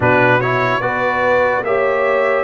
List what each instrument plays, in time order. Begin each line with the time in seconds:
0.00 tuba B2, trombone D4, horn F#4, trumpet B4
0.40 trombone E4, trumpet C#5
0.80 tuba B3, trombone F#4, horn B4, trumpet D5
1.62 tuba A#3, trombone G4, horn C#5, trumpet E5